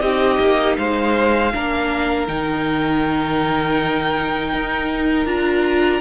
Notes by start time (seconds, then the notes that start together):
0.00 C4 D#4 G4 D#5
0.39 A#3
0.77 G#3 C5 F5
1.53 A#3 D4 A#4
2.27 D#3 D#4 G5
4.53 D#4
5.25 D4 F4 A#5